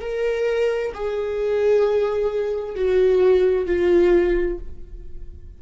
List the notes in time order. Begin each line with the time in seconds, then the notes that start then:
0.00 A#4
0.94 G#4
2.75 F#4
3.66 F4